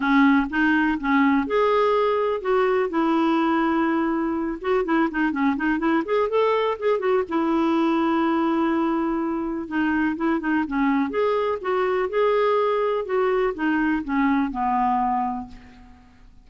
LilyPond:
\new Staff \with { instrumentName = "clarinet" } { \time 4/4 \tempo 4 = 124 cis'4 dis'4 cis'4 gis'4~ | gis'4 fis'4 e'2~ | e'4. fis'8 e'8 dis'8 cis'8 dis'8 | e'8 gis'8 a'4 gis'8 fis'8 e'4~ |
e'1 | dis'4 e'8 dis'8 cis'4 gis'4 | fis'4 gis'2 fis'4 | dis'4 cis'4 b2 | }